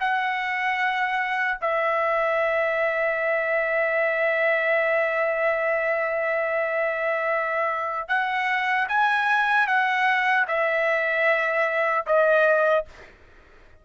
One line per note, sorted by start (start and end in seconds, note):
0.00 1.58 F#5
1.61 8.08 E5
8.08 8.87 F#5
8.89 9.67 G#5
9.67 10.46 F#5
10.48 12.06 E5
12.06 12.85 D#5